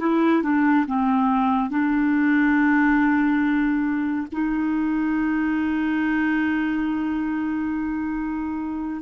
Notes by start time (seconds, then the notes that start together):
0.00 E4
0.43 D4
0.87 C4
1.70 D4
4.32 D#4